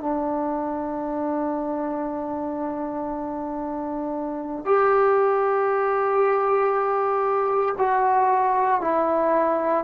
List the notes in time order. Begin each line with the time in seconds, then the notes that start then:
0.00 D4
4.65 G4
7.78 F#4
8.81 E4